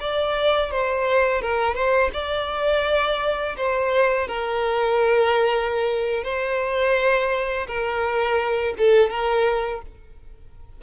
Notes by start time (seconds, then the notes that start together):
0.00 D5
0.71 C5
1.42 A#4
1.75 C5
2.13 D5
3.57 C5
4.28 A#4
6.24 C5
7.68 A#4
8.78 A4
9.10 A#4